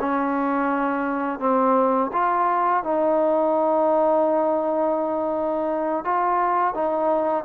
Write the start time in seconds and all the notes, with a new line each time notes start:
0.00 C#4
1.40 C4
2.12 F4
2.83 D#4
6.05 F4
6.74 D#4